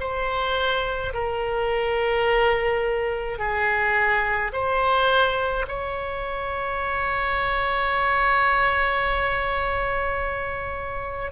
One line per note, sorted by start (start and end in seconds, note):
0.00 1.13 C5
1.14 3.39 A#4
3.39 4.52 G#4
4.53 5.66 C5
5.69 11.32 C#5